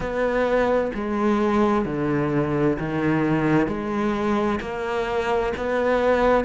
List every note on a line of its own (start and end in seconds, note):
0.00 0.91 B3
0.94 1.85 G#3
1.85 2.77 D3
2.79 3.67 D#3
3.67 4.59 G#3
4.60 5.53 A#3
5.56 6.44 B3